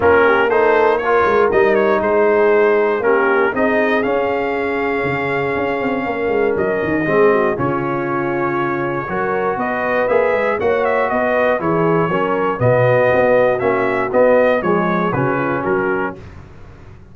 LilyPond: <<
  \new Staff \with { instrumentName = "trumpet" } { \time 4/4 \tempo 4 = 119 ais'4 c''4 cis''4 dis''8 cis''8 | c''2 ais'4 dis''4 | f''1~ | f''4 dis''2 cis''4~ |
cis''2. dis''4 | e''4 fis''8 e''8 dis''4 cis''4~ | cis''4 dis''2 e''4 | dis''4 cis''4 b'4 ais'4 | }
  \new Staff \with { instrumentName = "horn" } { \time 4/4 f'8 g'8 a'4 ais'2 | gis'2 g'4 gis'4~ | gis'1 | ais'2 gis'8 fis'8 f'4~ |
f'2 ais'4 b'4~ | b'4 cis''4 b'4 gis'4 | ais'4 fis'2.~ | fis'4 gis'4 fis'8 f'8 fis'4 | }
  \new Staff \with { instrumentName = "trombone" } { \time 4/4 cis'4 dis'4 f'4 dis'4~ | dis'2 cis'4 dis'4 | cis'1~ | cis'2 c'4 cis'4~ |
cis'2 fis'2 | gis'4 fis'2 e'4 | cis'4 b2 cis'4 | b4 gis4 cis'2 | }
  \new Staff \with { instrumentName = "tuba" } { \time 4/4 ais2~ ais8 gis8 g4 | gis2 ais4 c'4 | cis'2 cis4 cis'8 c'8 | ais8 gis8 fis8 dis8 gis4 cis4~ |
cis2 fis4 b4 | ais8 gis8 ais4 b4 e4 | fis4 b,4 b4 ais4 | b4 f4 cis4 fis4 | }
>>